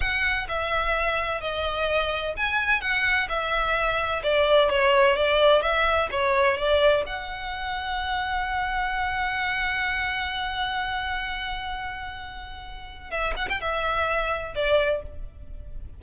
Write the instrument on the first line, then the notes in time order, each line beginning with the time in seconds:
violin
0.00 F#5
0.48 E5
1.40 D#5
2.37 G#5
2.81 F#5
3.28 E5
4.23 D5
4.69 C#5
5.16 D5
5.61 E5
6.11 C#5
6.57 D5
7.06 F#5
13.10 E5
13.36 F#5
13.49 G5
13.60 E5
14.55 D5